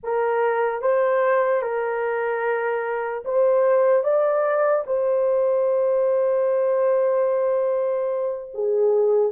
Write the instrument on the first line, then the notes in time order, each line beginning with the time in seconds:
horn
0.03 A#4
0.81 C5
1.61 A#4
3.24 C5
4.03 D5
4.86 C5
8.54 G#4